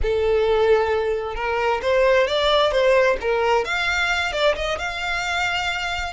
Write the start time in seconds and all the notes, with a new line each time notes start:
0.02 A4
1.35 A#4
1.82 C5
2.27 D5
2.71 C5
3.20 A#4
3.64 F5
4.32 D5
4.55 D#5
4.78 F5